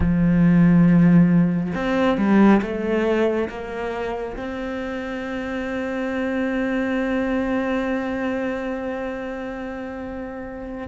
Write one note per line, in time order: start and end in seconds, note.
0.00 1.72 F3
1.74 2.17 C4
2.17 2.61 G3
2.62 3.49 A3
3.49 4.36 A#3
4.36 10.88 C4